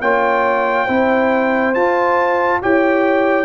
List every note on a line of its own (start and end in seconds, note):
0.00 0.87 A#3
0.00 0.87 F4
0.00 0.85 C#5
0.00 1.74 G5
0.85 1.75 C4
0.85 1.74 E4
0.85 2.59 C5
1.74 2.62 F4
1.74 2.61 A5
2.62 3.45 E4
2.62 3.45 G4
2.62 3.45 C#5
2.62 3.45 G5